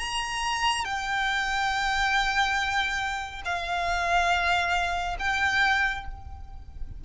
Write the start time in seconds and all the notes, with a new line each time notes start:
0.00 A#5
0.85 G5
3.46 F5
5.19 G5